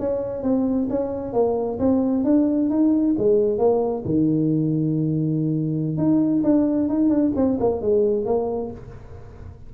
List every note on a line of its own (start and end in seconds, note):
0.00 0.43 C#4
0.43 0.88 C4
0.90 1.33 C#4
1.33 1.79 A#3
1.79 2.25 C4
2.25 2.70 D4
2.70 3.15 D#4
3.19 3.58 G#3
3.58 4.04 A#3
4.05 5.98 D#3
5.98 6.43 D#4
6.44 6.89 D4
6.89 7.10 D#4
7.10 7.32 D4
7.36 7.59 C4
7.60 7.82 A#3
7.82 8.26 G#3
8.26 8.71 A#3